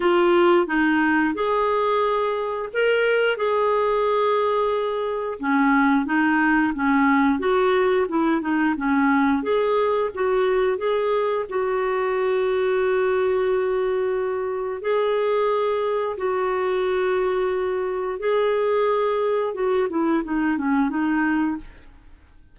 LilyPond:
\new Staff \with { instrumentName = "clarinet" } { \time 4/4 \tempo 4 = 89 f'4 dis'4 gis'2 | ais'4 gis'2. | cis'4 dis'4 cis'4 fis'4 | e'8 dis'8 cis'4 gis'4 fis'4 |
gis'4 fis'2.~ | fis'2 gis'2 | fis'2. gis'4~ | gis'4 fis'8 e'8 dis'8 cis'8 dis'4 | }